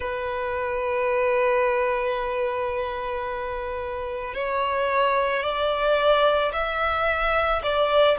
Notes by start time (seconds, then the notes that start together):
0.00 B4
4.34 C#5
5.42 D5
6.53 E5
7.63 D5